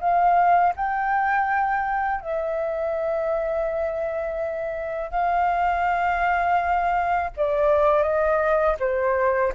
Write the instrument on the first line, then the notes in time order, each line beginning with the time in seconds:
flute
0.00 F5
0.76 G5
2.21 E5
5.11 F5
7.37 D5
8.03 D#5
8.80 C5